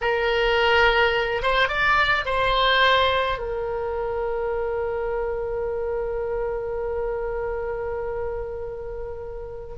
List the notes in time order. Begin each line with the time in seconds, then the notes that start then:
0.01 A#4
1.42 C5
1.68 D5
2.25 C5
3.38 A#4